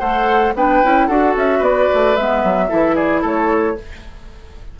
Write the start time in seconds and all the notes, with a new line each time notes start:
0.00 A3 A4 C5 F#5
0.56 B3 D4 B4 G5
0.83 C#4 E4
1.08 D4 F#4 A4 F#5
1.36 C#4 E5
1.59 B3 B4 D5
1.94 A3
2.17 G#3 B3 E5
2.44 F#3
2.69 E3 E4 A4
2.96 G#4 D5
3.22 A3 A4 C#5